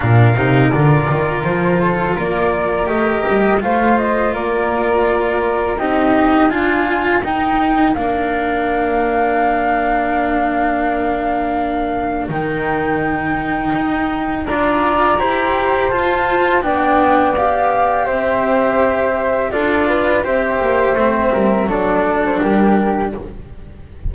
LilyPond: <<
  \new Staff \with { instrumentName = "flute" } { \time 4/4 \tempo 4 = 83 f''4 d''4 c''4 d''4 | dis''4 f''8 dis''8 d''2 | dis''4 gis''4 g''4 f''4~ | f''1~ |
f''4 g''2. | ais''2 a''4 g''4 | f''4 e''2 d''4 | e''2 d''8. c''16 ais'4 | }
  \new Staff \with { instrumentName = "flute" } { \time 4/4 ais'2~ ais'8 a'8 ais'4~ | ais'4 c''4 ais'2 | g'4 f'4 ais'2~ | ais'1~ |
ais'1 | d''4 c''2 d''4~ | d''4 c''2 a'8 b'8 | c''4. ais'8 a'4 g'4 | }
  \new Staff \with { instrumentName = "cello" } { \time 4/4 d'8 dis'8 f'2. | g'4 f'2. | dis'4 f'4 dis'4 d'4~ | d'1~ |
d'4 dis'2. | f'4 g'4 f'4 d'4 | g'2. f'4 | g'4 c'4 d'2 | }
  \new Staff \with { instrumentName = "double bass" } { \time 4/4 ais,8 c8 d8 dis8 f4 ais4 | a8 g8 a4 ais2 | c'4 d'4 dis'4 ais4~ | ais1~ |
ais4 dis2 dis'4 | d'4 e'4 f'4 b4~ | b4 c'2 d'4 | c'8 ais8 a8 g8 fis4 g4 | }
>>